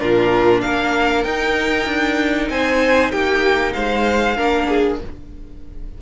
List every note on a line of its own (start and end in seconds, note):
0.00 0.63 A#2
0.00 1.25 D4
0.00 0.63 F4
0.00 0.62 A#4
0.62 1.25 A#3
0.62 2.52 A#4
0.62 1.24 F5
1.24 1.86 D#4
1.24 4.37 D#4
1.24 2.49 G5
1.86 2.49 D4
2.50 3.12 C4
2.50 3.12 C5
2.50 3.12 G#5
3.12 3.75 A#3
3.12 3.74 G4
3.12 3.73 G5
3.73 4.39 G#3
3.73 4.37 C5
3.73 4.98 F5
4.37 5.02 A#3
4.37 4.99 D4
4.37 4.68 A#4
4.69 5.00 G#4